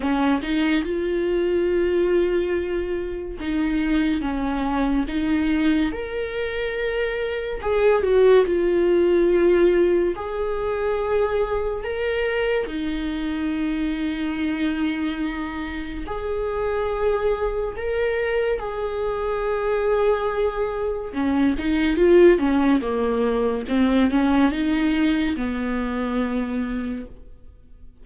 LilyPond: \new Staff \with { instrumentName = "viola" } { \time 4/4 \tempo 4 = 71 cis'8 dis'8 f'2. | dis'4 cis'4 dis'4 ais'4~ | ais'4 gis'8 fis'8 f'2 | gis'2 ais'4 dis'4~ |
dis'2. gis'4~ | gis'4 ais'4 gis'2~ | gis'4 cis'8 dis'8 f'8 cis'8 ais4 | c'8 cis'8 dis'4 b2 | }